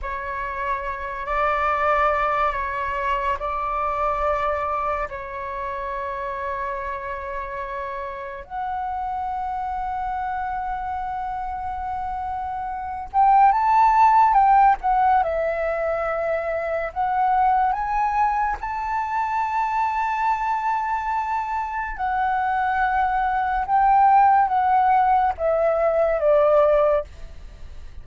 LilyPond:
\new Staff \with { instrumentName = "flute" } { \time 4/4 \tempo 4 = 71 cis''4. d''4. cis''4 | d''2 cis''2~ | cis''2 fis''2~ | fis''2.~ fis''8 g''8 |
a''4 g''8 fis''8 e''2 | fis''4 gis''4 a''2~ | a''2 fis''2 | g''4 fis''4 e''4 d''4 | }